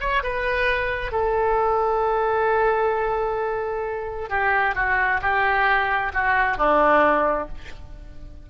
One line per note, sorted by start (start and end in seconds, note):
0.00 0.23 C#5
0.23 1.12 B4
1.12 4.29 A4
4.29 4.75 G4
4.75 5.21 F#4
5.21 6.12 G4
6.13 6.57 F#4
6.57 7.48 D4